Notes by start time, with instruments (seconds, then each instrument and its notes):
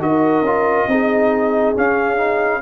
0.00 tuba D#4, trombone F#4, horn A#4, trumpet D#5
0.41 tuba C#4, trombone F4
0.87 tuba C4, trombone D#4, horn G#4
1.75 trombone C#4, tuba C#4, trumpet F5
2.17 trombone D#4